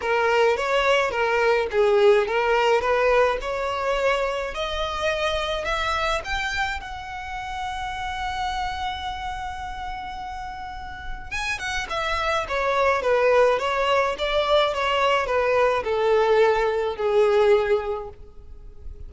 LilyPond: \new Staff \with { instrumentName = "violin" } { \time 4/4 \tempo 4 = 106 ais'4 cis''4 ais'4 gis'4 | ais'4 b'4 cis''2 | dis''2 e''4 g''4 | fis''1~ |
fis''1 | gis''8 fis''8 e''4 cis''4 b'4 | cis''4 d''4 cis''4 b'4 | a'2 gis'2 | }